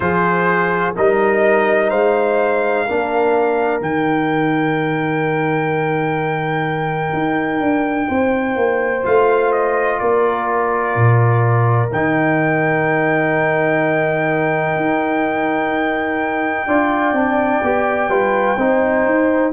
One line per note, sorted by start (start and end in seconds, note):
0.00 0.94 F3
0.00 0.94 F4
0.00 0.95 G#4
0.00 0.94 C5
0.95 1.91 G3
0.95 2.88 D#4
0.95 1.89 A#4
0.95 1.89 D#5
1.89 2.87 G#3
1.89 2.85 C5
1.89 3.80 F5
2.86 3.81 A#3
2.86 3.81 D4
2.86 8.08 A#4
3.81 7.12 D#3
3.81 9.03 D#4
3.81 9.05 G5
7.12 7.60 D#4
7.60 8.07 D4
8.08 8.56 C4
8.08 9.98 C5
8.56 9.03 A#3
9.03 10.01 A3
9.03 11.89 F4
9.03 9.52 F5
9.52 9.99 D#5
9.99 10.95 A#3
9.99 16.67 A#4
9.99 11.89 D5
10.95 11.90 A#2
11.92 14.76 D#3
11.92 16.68 D#4
11.92 19.53 G5
14.76 16.66 D#4
16.66 17.12 D4
16.66 17.14 F4
16.66 18.10 D5
17.12 17.60 C4
17.12 17.62 D4
17.62 18.09 B3
17.62 18.09 G4
18.09 18.56 G3
18.09 18.57 F4
18.09 18.57 B4
18.57 19.05 C4
18.57 19.53 D#4
18.57 19.52 C5
19.05 19.52 D#4